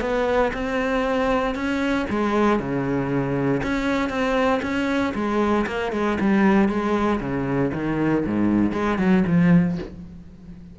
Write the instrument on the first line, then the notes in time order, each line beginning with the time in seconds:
cello
0.00 B3
0.53 C4
1.55 C#4
2.09 G#3
2.59 C#3
3.62 C#4
4.09 C4
4.62 C#4
5.14 G#3
5.66 A#3
5.92 G#3
6.20 G3
6.68 G#3
7.20 C#3
7.73 D#3
8.25 G#2
8.72 G#3
8.98 F#3
9.27 F3